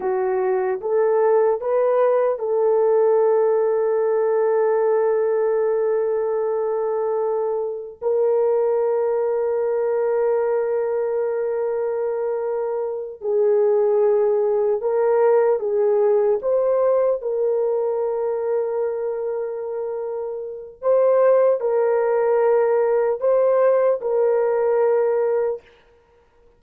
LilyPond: \new Staff \with { instrumentName = "horn" } { \time 4/4 \tempo 4 = 75 fis'4 a'4 b'4 a'4~ | a'1~ | a'2 ais'2~ | ais'1~ |
ais'8 gis'2 ais'4 gis'8~ | gis'8 c''4 ais'2~ ais'8~ | ais'2 c''4 ais'4~ | ais'4 c''4 ais'2 | }